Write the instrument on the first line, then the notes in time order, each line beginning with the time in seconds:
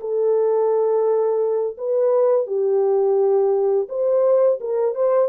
horn
0.00 A4
1.77 B4
2.47 G4
3.89 C5
4.60 A#4
4.94 C5